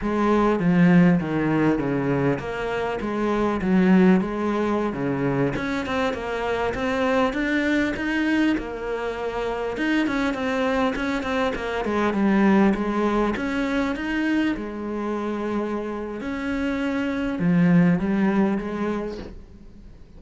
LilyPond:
\new Staff \with { instrumentName = "cello" } { \time 4/4 \tempo 4 = 100 gis4 f4 dis4 cis4 | ais4 gis4 fis4 gis4~ | gis16 cis4 cis'8 c'8 ais4 c'8.~ | c'16 d'4 dis'4 ais4.~ ais16~ |
ais16 dis'8 cis'8 c'4 cis'8 c'8 ais8 gis16~ | gis16 g4 gis4 cis'4 dis'8.~ | dis'16 gis2~ gis8. cis'4~ | cis'4 f4 g4 gis4 | }